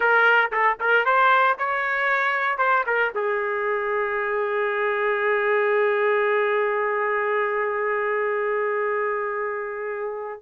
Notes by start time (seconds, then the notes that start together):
0.00 A#4
0.51 A4
0.80 A#4
1.05 C5
1.58 C#5
2.58 C5
2.86 A#4
3.14 G#4